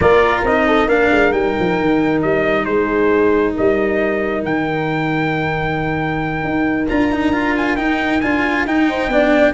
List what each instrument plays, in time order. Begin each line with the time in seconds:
0.00 tuba A#3, cello F4, horn A#4, trumpet D5
0.43 tuba C4, cello D#4, trumpet D#5
0.67 horn A4
0.86 tuba A#3, cello D4, horn A#4, trumpet F5
1.10 tuba G#3
1.32 tuba G3, cello D#4, trumpet G5
1.59 tuba F3
1.80 tuba D#3
2.21 tuba G3, trumpet D#5
2.65 tuba G#3, horn G#4, trumpet C5
3.54 tuba G3, horn A#4, trumpet D#5
4.43 tuba D#3, trumpet G5
6.43 tuba D#4
6.88 tuba D4, cello F4, trumpet A#5
7.12 cello D#4
7.32 cello F4
7.56 trumpet G#5
7.76 cello D#4, tuba D#4, trumpet G5
8.21 tuba D4, cello F4, trumpet G#5
8.65 tuba D#4, cello D#4, trumpet G5
8.88 horn C5
9.08 tuba B3, cello D4, horn D5